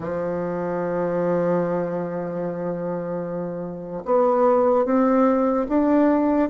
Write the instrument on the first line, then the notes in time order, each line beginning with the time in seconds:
bassoon
0.00 F3
4.05 B3
4.85 C4
5.69 D4